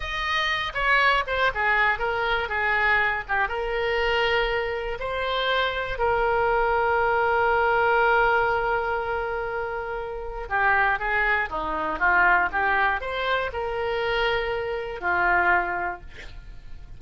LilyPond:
\new Staff \with { instrumentName = "oboe" } { \time 4/4 \tempo 4 = 120 dis''4. cis''4 c''8 gis'4 | ais'4 gis'4. g'8 ais'4~ | ais'2 c''2 | ais'1~ |
ais'1~ | ais'4 g'4 gis'4 dis'4 | f'4 g'4 c''4 ais'4~ | ais'2 f'2 | }